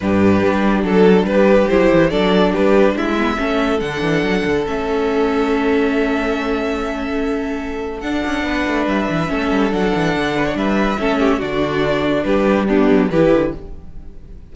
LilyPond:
<<
  \new Staff \with { instrumentName = "violin" } { \time 4/4 \tempo 4 = 142 b'2 a'4 b'4 | c''4 d''4 b'4 e''4~ | e''4 fis''2 e''4~ | e''1~ |
e''2. fis''4~ | fis''4 e''2 fis''4~ | fis''4 e''2 d''4~ | d''4 b'4 g'4 b'4 | }
  \new Staff \with { instrumentName = "violin" } { \time 4/4 g'2 a'4 g'4~ | g'4 a'4 g'4 e'4 | a'1~ | a'1~ |
a'1 | b'2 a'2~ | a'8 b'16 cis''16 b'4 a'8 g'8 fis'4~ | fis'4 g'4 d'4 g'4 | }
  \new Staff \with { instrumentName = "viola" } { \time 4/4 d'1 | e'4 d'2~ d'8 b8 | cis'4 d'2 cis'4~ | cis'1~ |
cis'2. d'4~ | d'2 cis'4 d'4~ | d'2 cis'4 d'4~ | d'2 b4 e'4 | }
  \new Staff \with { instrumentName = "cello" } { \time 4/4 g,4 g4 fis4 g4 | fis8 e8 fis4 g4 gis4 | a4 d8 e8 fis8 d8 a4~ | a1~ |
a2. d'8 cis'8 | b8 a8 g8 e8 a8 g8 fis8 e8 | d4 g4 a4 d4~ | d4 g4. fis8 e8 d8 | }
>>